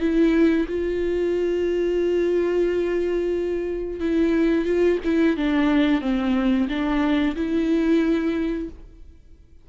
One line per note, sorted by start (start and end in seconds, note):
0.00 0.67 E4
0.68 4.00 F4
4.00 4.65 E4
4.65 4.99 F4
5.05 5.37 E4
5.37 6.01 D4
6.01 6.68 C4
6.69 7.35 D4
7.36 8.69 E4